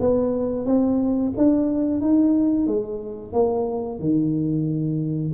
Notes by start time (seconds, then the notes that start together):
0.00 B3
0.65 C4
1.37 D4
2.01 D#4
2.67 G#3
3.33 A#3
4.00 D#3